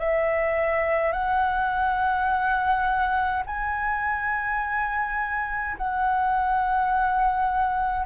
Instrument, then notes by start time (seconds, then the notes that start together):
flute
0.00 E5
1.12 F#5
3.47 G#5
5.78 F#5